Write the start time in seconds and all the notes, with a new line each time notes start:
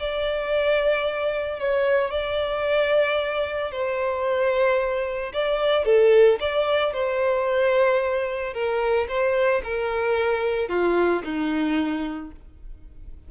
0.00 D5
1.60 C#5
2.11 D5
3.72 C5
5.34 D5
5.86 A4
6.40 D5
6.93 C5
8.54 A#4
9.09 C5
9.64 A#4
10.69 F4
11.24 D#4